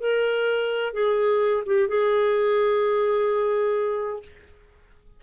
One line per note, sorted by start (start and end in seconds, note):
0.00 0.93 A#4
0.93 1.64 G#4
1.66 1.88 G4
1.88 4.23 G#4